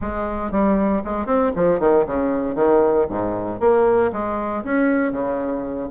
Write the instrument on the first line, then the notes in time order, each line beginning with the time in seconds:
bassoon
0.01 G#3
0.51 G3
1.04 G#3
1.26 C4
1.55 F3
1.79 D#3
2.06 C#3
2.55 D#3
3.09 G#2
3.59 A#3
4.12 G#3
4.64 C#4
5.12 C#3